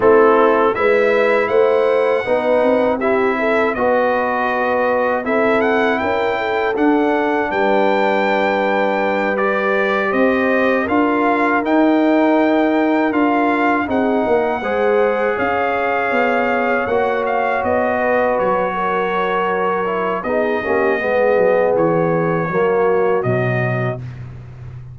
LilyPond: <<
  \new Staff \with { instrumentName = "trumpet" } { \time 4/4 \tempo 4 = 80 a'4 e''4 fis''2 | e''4 dis''2 e''8 fis''8 | g''4 fis''4 g''2~ | g''8 d''4 dis''4 f''4 g''8~ |
g''4. f''4 fis''4.~ | fis''8 f''2 fis''8 f''8 dis''8~ | dis''8 cis''2~ cis''8 dis''4~ | dis''4 cis''2 dis''4 | }
  \new Staff \with { instrumentName = "horn" } { \time 4/4 e'4 b'4 c''4 b'4 | g'8 a'8 b'2 a'4 | ais'8 a'4. b'2~ | b'4. c''4 ais'4.~ |
ais'2~ ais'8 gis'8 ais'8 c''8~ | c''8 cis''2.~ cis''8 | b'4 ais'2 gis'8 g'8 | gis'2 fis'2 | }
  \new Staff \with { instrumentName = "trombone" } { \time 4/4 c'4 e'2 dis'4 | e'4 fis'2 e'4~ | e'4 d'2.~ | d'8 g'2 f'4 dis'8~ |
dis'4. f'4 dis'4 gis'8~ | gis'2~ gis'8 fis'4.~ | fis'2~ fis'8 e'8 dis'8 cis'8 | b2 ais4 fis4 | }
  \new Staff \with { instrumentName = "tuba" } { \time 4/4 a4 gis4 a4 b8 c'8~ | c'4 b2 c'4 | cis'4 d'4 g2~ | g4. c'4 d'4 dis'8~ |
dis'4. d'4 c'8 ais8 gis8~ | gis8 cis'4 b4 ais4 b8~ | b8 fis2~ fis8 b8 ais8 | gis8 fis8 e4 fis4 b,4 | }
>>